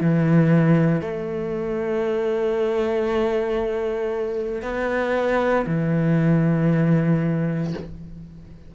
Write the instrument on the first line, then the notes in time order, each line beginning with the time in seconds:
cello
0.00 E3
1.01 A3
4.62 B3
5.66 E3